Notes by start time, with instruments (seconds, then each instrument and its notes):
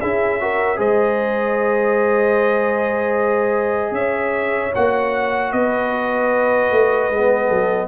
0.00 tuba C#4, trombone E4, horn G#4, trumpet E5
0.40 trombone F#4, horn A#4
0.76 tuba G#3, trombone G#4, horn C5, trumpet D#5
3.91 tuba C#4, trumpet E5
3.98 horn C#5
4.75 tuba A#3, trombone F#4, trumpet F#5
5.52 tuba B3, horn B4, trumpet D#5
6.71 tuba A3
7.10 tuba G#3, trombone B3
7.46 tuba F#3, horn A4